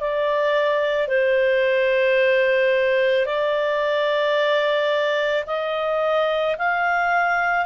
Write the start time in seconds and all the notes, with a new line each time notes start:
0.00 D5
1.07 C5
3.25 D5
5.46 D#5
6.58 F5